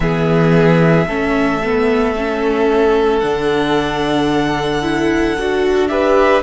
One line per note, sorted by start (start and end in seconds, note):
0.00 1.05 E3
0.00 1.08 B3
0.00 1.07 G#4
0.00 3.19 E5
1.07 3.22 A3
1.07 1.61 C#4
1.07 5.89 A4
1.63 2.16 B3
2.16 3.22 C#4
3.19 5.37 D3
3.19 4.82 D4
3.19 5.87 F#5
4.82 5.35 E4
5.38 6.43 D4
5.38 5.88 F#4
5.88 6.42 G4
5.88 6.43 B4
5.88 6.41 E5